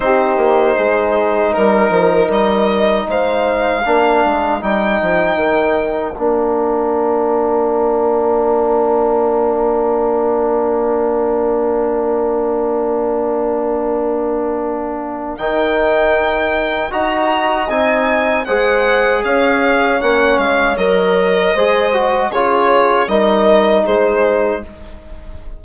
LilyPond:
<<
  \new Staff \with { instrumentName = "violin" } { \time 4/4 \tempo 4 = 78 c''2 ais'4 dis''4 | f''2 g''2 | f''1~ | f''1~ |
f''1 | g''2 ais''4 gis''4 | fis''4 f''4 fis''8 f''8 dis''4~ | dis''4 cis''4 dis''4 c''4 | }
  \new Staff \with { instrumentName = "horn" } { \time 4/4 g'4 gis'4 ais'2 | c''4 ais'2.~ | ais'1~ | ais'1~ |
ais'1~ | ais'2 dis''2 | c''4 cis''2. | c''4 gis'4 ais'4 gis'4 | }
  \new Staff \with { instrumentName = "trombone" } { \time 4/4 dis'1~ | dis'4 d'4 dis'2 | d'1~ | d'1~ |
d'1 | dis'2 fis'4 dis'4 | gis'2 cis'4 ais'4 | gis'8 fis'8 f'4 dis'2 | }
  \new Staff \with { instrumentName = "bassoon" } { \time 4/4 c'8 ais8 gis4 g8 f8 g4 | gis4 ais8 gis8 g8 f8 dis4 | ais1~ | ais1~ |
ais1 | dis2 dis'4 c'4 | gis4 cis'4 ais8 gis8 fis4 | gis4 cis4 g4 gis4 | }
>>